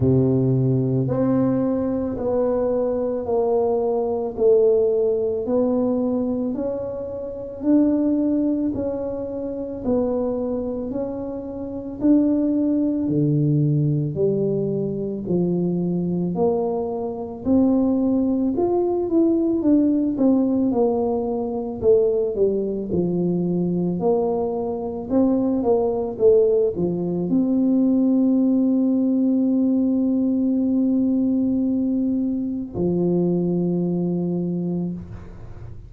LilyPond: \new Staff \with { instrumentName = "tuba" } { \time 4/4 \tempo 4 = 55 c4 c'4 b4 ais4 | a4 b4 cis'4 d'4 | cis'4 b4 cis'4 d'4 | d4 g4 f4 ais4 |
c'4 f'8 e'8 d'8 c'8 ais4 | a8 g8 f4 ais4 c'8 ais8 | a8 f8 c'2.~ | c'2 f2 | }